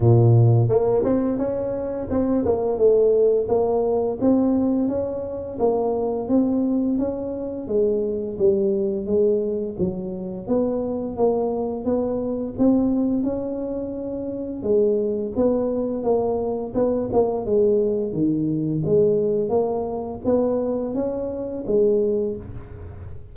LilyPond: \new Staff \with { instrumentName = "tuba" } { \time 4/4 \tempo 4 = 86 ais,4 ais8 c'8 cis'4 c'8 ais8 | a4 ais4 c'4 cis'4 | ais4 c'4 cis'4 gis4 | g4 gis4 fis4 b4 |
ais4 b4 c'4 cis'4~ | cis'4 gis4 b4 ais4 | b8 ais8 gis4 dis4 gis4 | ais4 b4 cis'4 gis4 | }